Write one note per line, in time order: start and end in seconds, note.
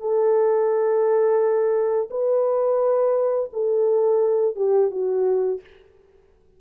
0.00 2.09 A4
2.11 3.50 B4
3.53 4.56 A4
4.56 4.91 G4
4.91 5.61 F#4